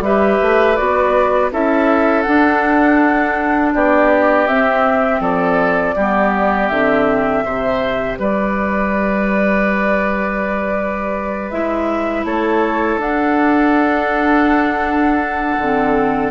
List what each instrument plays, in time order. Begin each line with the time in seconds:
0.00 bassoon G3, clarinet G4, oboe B4, flute E5
0.41 bassoon A3
0.75 bassoon B3, clarinet F#4, flute D5
1.51 bassoon C#4, clarinet E4, oboe A4, flute E5
2.22 clarinet D4, bassoon D4, flute F#5
3.73 bassoon B3, oboe G4, flute D5
4.47 clarinet C4, bassoon C4, flute E5
5.20 bassoon F3, oboe A4, flute D5
5.95 bassoon G3, clarinet B3, oboe G4
6.68 bassoon D3, clarinet C4, flute E5
7.44 bassoon C3, clarinet G4, oboe C5
8.18 bassoon G3, oboe B4, flute D5
11.50 bassoon G#3, clarinet E4, flute E5
12.24 bassoon A3, oboe A4, flute C#5
12.97 bassoon D4, clarinet D4, flute F#5
15.57 bassoon D3, clarinet C4